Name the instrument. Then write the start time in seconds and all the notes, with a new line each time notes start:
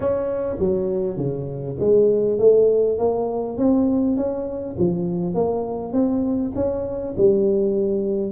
tuba
0.00 C#4
0.59 F#3
1.17 C#3
1.79 G#3
2.38 A3
2.98 A#3
3.57 C4
4.16 C#4
4.78 F3
5.34 A#3
5.92 C4
6.55 C#4
7.17 G3